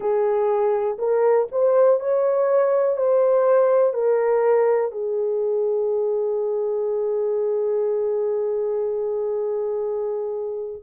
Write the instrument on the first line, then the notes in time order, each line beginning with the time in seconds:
horn
0.00 G#4
0.98 A#4
1.51 C5
2.00 C#5
2.96 C5
3.93 A#4
4.91 G#4